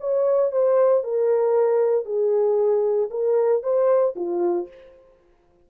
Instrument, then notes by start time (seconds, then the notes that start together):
horn
0.00 C#5
0.52 C5
1.04 A#4
2.05 G#4
3.11 A#4
3.63 C5
4.16 F4